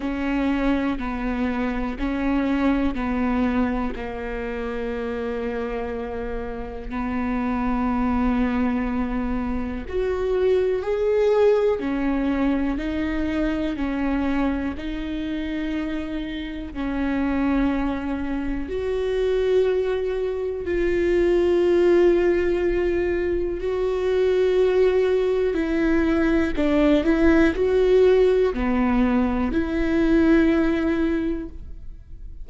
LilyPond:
\new Staff \with { instrumentName = "viola" } { \time 4/4 \tempo 4 = 61 cis'4 b4 cis'4 b4 | ais2. b4~ | b2 fis'4 gis'4 | cis'4 dis'4 cis'4 dis'4~ |
dis'4 cis'2 fis'4~ | fis'4 f'2. | fis'2 e'4 d'8 e'8 | fis'4 b4 e'2 | }